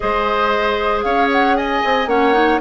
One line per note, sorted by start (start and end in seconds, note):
0.00 1.04 G#3
0.00 2.08 G#4
0.00 1.04 C5
0.00 1.00 D#5
1.02 1.82 C#4
1.02 1.56 C#5
1.02 1.29 F5
1.31 1.56 F#5
1.56 2.08 D#5
1.56 2.07 G#5
1.84 2.06 C4
2.06 2.58 A#3
2.06 2.33 C#4
2.06 2.60 C#5
2.06 2.60 F#5
2.33 2.59 D#4